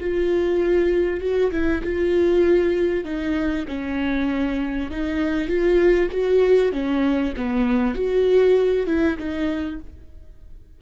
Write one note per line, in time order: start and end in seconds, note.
0.00 1.21 F4
1.21 1.51 F#4
1.52 1.82 E4
1.84 3.05 F4
3.05 3.66 D#4
3.68 4.91 C#4
4.91 5.48 D#4
5.48 6.09 F4
6.12 6.72 F#4
6.72 7.34 C#4
7.37 7.95 B3
7.95 8.87 F#4
8.87 9.18 E4
9.18 9.80 D#4